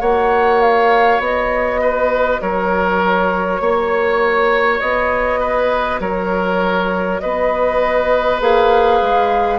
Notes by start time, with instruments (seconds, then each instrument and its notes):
0.00 bassoon A#3, clarinet F#4, oboe C#5, flute F#5
0.61 flute F5
1.19 bassoon B3, flute D#5
1.81 oboe B4
2.41 bassoon F#3, oboe A#4, flute C#5
3.60 bassoon A#3, oboe C#5
4.80 bassoon B3, flute D#5
5.40 oboe B4
6.00 bassoon F#3, oboe A#4, flute C#5
7.20 bassoon B3, oboe B4, flute D#5
8.40 bassoon A#3, clarinet G#4, flute F5
9.01 bassoon G#3